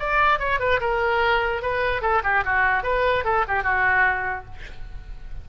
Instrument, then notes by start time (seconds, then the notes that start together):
oboe
0.00 D5
0.40 C#5
0.60 B4
0.81 A#4
1.62 B4
2.02 A4
2.24 G4
2.45 F#4
2.84 B4
3.24 A4
3.48 G4
3.64 F#4